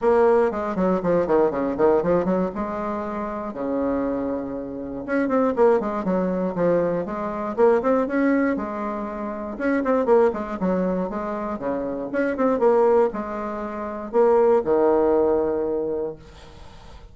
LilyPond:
\new Staff \with { instrumentName = "bassoon" } { \time 4/4 \tempo 4 = 119 ais4 gis8 fis8 f8 dis8 cis8 dis8 | f8 fis8 gis2 cis4~ | cis2 cis'8 c'8 ais8 gis8 | fis4 f4 gis4 ais8 c'8 |
cis'4 gis2 cis'8 c'8 | ais8 gis8 fis4 gis4 cis4 | cis'8 c'8 ais4 gis2 | ais4 dis2. | }